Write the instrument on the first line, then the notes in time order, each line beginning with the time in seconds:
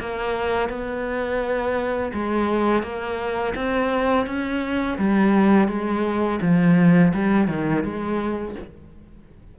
cello
0.00 A#3
0.69 B3
2.13 G#3
2.83 A#3
3.55 C4
4.26 C#4
4.98 G3
5.68 G#3
6.42 F3
7.13 G3
7.48 D#3
7.84 G#3